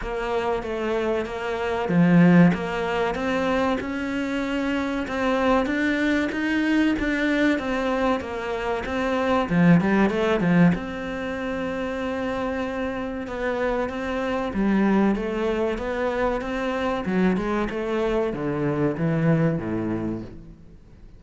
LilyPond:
\new Staff \with { instrumentName = "cello" } { \time 4/4 \tempo 4 = 95 ais4 a4 ais4 f4 | ais4 c'4 cis'2 | c'4 d'4 dis'4 d'4 | c'4 ais4 c'4 f8 g8 |
a8 f8 c'2.~ | c'4 b4 c'4 g4 | a4 b4 c'4 fis8 gis8 | a4 d4 e4 a,4 | }